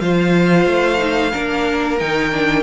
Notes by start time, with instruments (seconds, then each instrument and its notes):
0.00 cello F3, viola F4, violin C5 F5
0.66 cello A3
0.98 viola D#4
1.31 cello A#3, viola D4, violin A#4
1.99 cello D#3, viola D#4, violin G5
2.31 viola D4